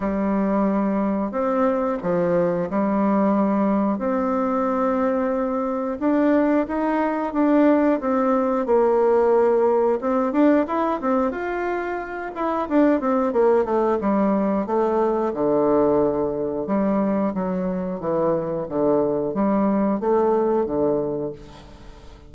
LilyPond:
\new Staff \with { instrumentName = "bassoon" } { \time 4/4 \tempo 4 = 90 g2 c'4 f4 | g2 c'2~ | c'4 d'4 dis'4 d'4 | c'4 ais2 c'8 d'8 |
e'8 c'8 f'4. e'8 d'8 c'8 | ais8 a8 g4 a4 d4~ | d4 g4 fis4 e4 | d4 g4 a4 d4 | }